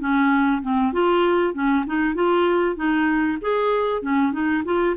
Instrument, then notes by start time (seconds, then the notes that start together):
clarinet
0.00 C#4
0.62 C4
0.93 F4
1.54 C#4
1.86 D#4
2.15 F4
2.76 D#4
3.41 G#4
4.02 C#4
4.32 D#4
4.65 F4